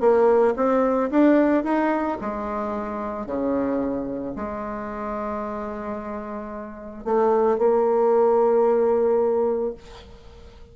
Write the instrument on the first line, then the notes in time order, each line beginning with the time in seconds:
bassoon
0.00 A#3
0.56 C4
1.11 D4
1.64 D#4
2.21 G#3
3.26 C#3
4.36 G#3
7.04 A3
7.58 A#3